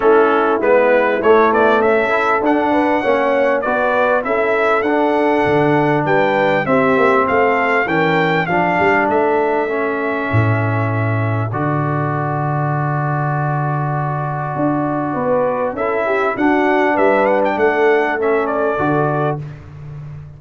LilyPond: <<
  \new Staff \with { instrumentName = "trumpet" } { \time 4/4 \tempo 4 = 99 a'4 b'4 cis''8 d''8 e''4 | fis''2 d''4 e''4 | fis''2 g''4 e''4 | f''4 g''4 f''4 e''4~ |
e''2. d''4~ | d''1~ | d''2 e''4 fis''4 | e''8 fis''16 g''16 fis''4 e''8 d''4. | }
  \new Staff \with { instrumentName = "horn" } { \time 4/4 e'2. a'4~ | a'8 b'8 cis''4 b'4 a'4~ | a'2 b'4 g'4 | a'4 ais'4 a'2~ |
a'1~ | a'1~ | a'4 b'4 a'8 g'8 fis'4 | b'4 a'2. | }
  \new Staff \with { instrumentName = "trombone" } { \time 4/4 cis'4 b4 a4. e'8 | d'4 cis'4 fis'4 e'4 | d'2. c'4~ | c'4 cis'4 d'2 |
cis'2. fis'4~ | fis'1~ | fis'2 e'4 d'4~ | d'2 cis'4 fis'4 | }
  \new Staff \with { instrumentName = "tuba" } { \time 4/4 a4 gis4 a8 b8 cis'4 | d'4 ais4 b4 cis'4 | d'4 d4 g4 c'8 ais8 | a4 e4 f8 g8 a4~ |
a4 a,2 d4~ | d1 | d'4 b4 cis'4 d'4 | g4 a2 d4 | }
>>